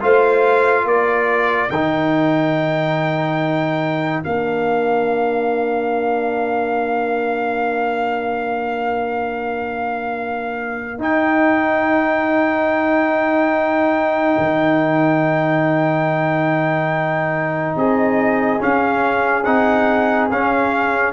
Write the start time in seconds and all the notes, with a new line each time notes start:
0.00 A3 F4 C5 F5
0.84 A#3 A#4 D5
1.70 D#3 D#4 G5
4.23 A#3 D4 F5
10.98 D#4 G5
14.38 D#3
17.75 C4 G#4 D#5
18.59 C#4 F5
19.44 C4 D#4 F#5
20.30 C#4 F5